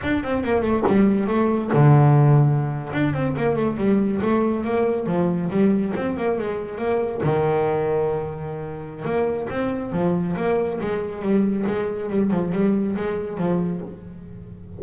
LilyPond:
\new Staff \with { instrumentName = "double bass" } { \time 4/4 \tempo 4 = 139 d'8 c'8 ais8 a8 g4 a4 | d2~ d8. d'8 c'8 ais16~ | ais16 a8 g4 a4 ais4 f16~ | f8. g4 c'8 ais8 gis4 ais16~ |
ais8. dis2.~ dis16~ | dis4 ais4 c'4 f4 | ais4 gis4 g4 gis4 | g8 f8 g4 gis4 f4 | }